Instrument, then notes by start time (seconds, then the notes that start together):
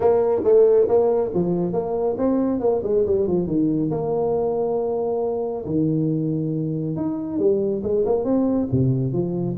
tuba
0.00 A#3
0.44 A3
0.88 A#3
1.34 F3
1.73 A#3
2.17 C4
2.60 A#3
2.83 G#3
3.06 G3
3.27 F3
3.46 D#3
3.90 A#3
5.65 D#3
6.96 D#4
7.39 G3
7.83 G#3
8.05 A#3
8.24 C4
8.71 C3
9.12 F3